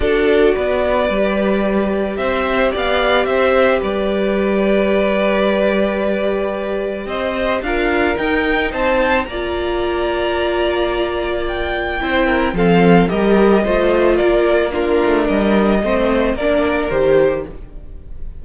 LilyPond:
<<
  \new Staff \with { instrumentName = "violin" } { \time 4/4 \tempo 4 = 110 d''1 | e''4 f''4 e''4 d''4~ | d''1~ | d''4 dis''4 f''4 g''4 |
a''4 ais''2.~ | ais''4 g''2 f''4 | dis''2 d''4 ais'4 | dis''2 d''4 c''4 | }
  \new Staff \with { instrumentName = "violin" } { \time 4/4 a'4 b'2. | c''4 d''4 c''4 b'4~ | b'1~ | b'4 c''4 ais'2 |
c''4 d''2.~ | d''2 c''8 ais'8 a'4 | ais'4 c''4 ais'4 f'4 | ais'4 c''4 ais'2 | }
  \new Staff \with { instrumentName = "viola" } { \time 4/4 fis'2 g'2~ | g'1~ | g'1~ | g'2 f'4 dis'4~ |
dis'4 f'2.~ | f'2 e'4 c'4 | g'4 f'2 d'4~ | d'4 c'4 d'4 g'4 | }
  \new Staff \with { instrumentName = "cello" } { \time 4/4 d'4 b4 g2 | c'4 b4 c'4 g4~ | g1~ | g4 c'4 d'4 dis'4 |
c'4 ais2.~ | ais2 c'4 f4 | g4 a4 ais4. a8 | g4 a4 ais4 dis4 | }
>>